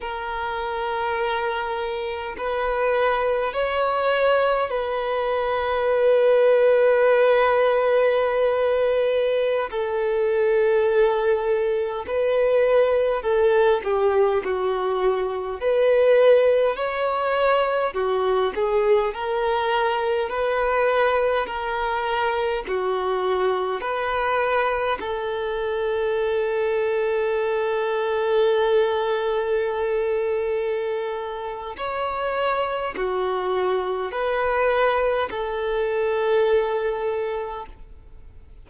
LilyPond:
\new Staff \with { instrumentName = "violin" } { \time 4/4 \tempo 4 = 51 ais'2 b'4 cis''4 | b'1~ | b'16 a'2 b'4 a'8 g'16~ | g'16 fis'4 b'4 cis''4 fis'8 gis'16~ |
gis'16 ais'4 b'4 ais'4 fis'8.~ | fis'16 b'4 a'2~ a'8.~ | a'2. cis''4 | fis'4 b'4 a'2 | }